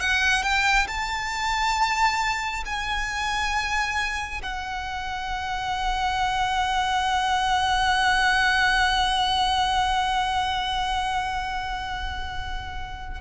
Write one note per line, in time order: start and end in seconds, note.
0.00 0.43 F#5
0.43 0.87 G5
0.87 2.64 A5
2.65 4.42 G#5
4.42 13.21 F#5